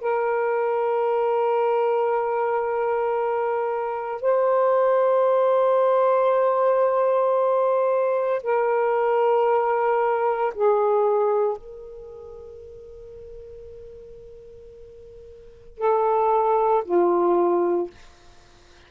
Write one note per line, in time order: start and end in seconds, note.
0.00 4.21 A#4
4.21 8.42 C5
8.43 10.53 A#4
10.54 11.57 G#4
11.57 15.78 A#4
15.78 16.83 A4
16.84 17.89 F4